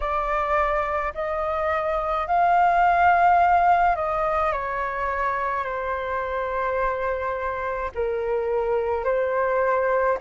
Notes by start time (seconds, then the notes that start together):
0.00 D5
1.14 D#5
2.26 F5
3.95 D#5
4.52 C#5
5.64 C5
7.95 A#4
9.04 C5